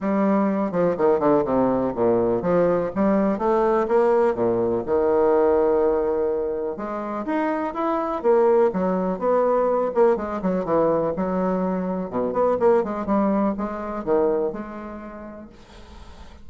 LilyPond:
\new Staff \with { instrumentName = "bassoon" } { \time 4/4 \tempo 4 = 124 g4. f8 dis8 d8 c4 | ais,4 f4 g4 a4 | ais4 ais,4 dis2~ | dis2 gis4 dis'4 |
e'4 ais4 fis4 b4~ | b8 ais8 gis8 fis8 e4 fis4~ | fis4 b,8 b8 ais8 gis8 g4 | gis4 dis4 gis2 | }